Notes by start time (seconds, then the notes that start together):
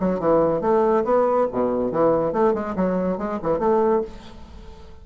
0.00 F#3
0.20 E3
0.61 A3
1.04 B3
1.52 B2
1.91 E3
2.33 A3
2.54 G#3
2.76 F#3
3.18 G#3
3.43 E3
3.59 A3